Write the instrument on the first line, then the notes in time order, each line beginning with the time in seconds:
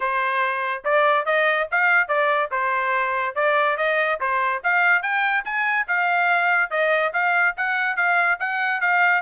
trumpet
0.00 C5
0.84 D5
1.25 D#5
1.71 F5
2.08 D5
2.51 C5
3.35 D5
3.77 D#5
4.20 C5
4.63 F5
5.02 G5
5.44 G#5
5.87 F5
6.70 D#5
7.13 F5
7.57 F#5
7.96 F5
8.39 F#5
8.81 F5